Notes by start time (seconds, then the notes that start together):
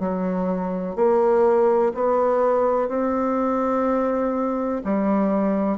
0.00 F#3
0.96 A#3
1.95 B3
2.89 C4
4.85 G3